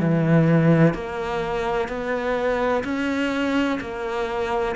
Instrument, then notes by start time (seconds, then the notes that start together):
cello
0.00 E3
0.94 A#3
1.88 B3
2.84 C#4
3.81 A#3